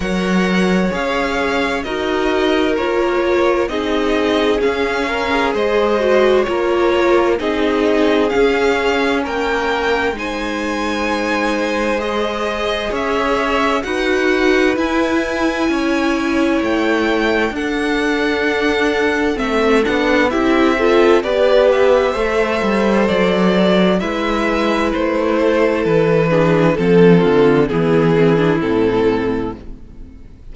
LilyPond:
<<
  \new Staff \with { instrumentName = "violin" } { \time 4/4 \tempo 4 = 65 fis''4 f''4 dis''4 cis''4 | dis''4 f''4 dis''4 cis''4 | dis''4 f''4 g''4 gis''4~ | gis''4 dis''4 e''4 fis''4 |
gis''2 g''4 fis''4~ | fis''4 e''8 fis''8 e''4 d''8 e''8~ | e''4 d''4 e''4 c''4 | b'4 a'4 gis'4 a'4 | }
  \new Staff \with { instrumentName = "violin" } { \time 4/4 cis''2 ais'2 | gis'4. ais'8 c''4 ais'4 | gis'2 ais'4 c''4~ | c''2 cis''4 b'4~ |
b'4 cis''2 a'4~ | a'2 g'8 a'8 b'4 | c''2 b'4. a'8~ | a'8 gis'8 a'8 f'8 e'2 | }
  \new Staff \with { instrumentName = "viola" } { \time 4/4 ais'4 gis'4 fis'4 f'4 | dis'4 cis'8. gis'8. fis'8 f'4 | dis'4 cis'2 dis'4~ | dis'4 gis'2 fis'4 |
e'2. d'4~ | d'4 c'8 d'8 e'8 f'8 g'4 | a'2 e'2~ | e'8 d'8 c'4 b8 c'16 d'16 c'4 | }
  \new Staff \with { instrumentName = "cello" } { \time 4/4 fis4 cis'4 dis'4 ais4 | c'4 cis'4 gis4 ais4 | c'4 cis'4 ais4 gis4~ | gis2 cis'4 dis'4 |
e'4 cis'4 a4 d'4~ | d'4 a8 b8 c'4 b4 | a8 g8 fis4 gis4 a4 | e4 f8 d8 e4 a,4 | }
>>